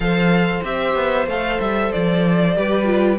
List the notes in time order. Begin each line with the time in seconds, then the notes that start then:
0.00 F3 A4 C5 F5
0.63 C4 G4 E5
0.95 B3
1.26 A3 A4 F5
1.59 G3 E5
1.91 F3 D5
2.56 G3 G4 B4
2.84 F4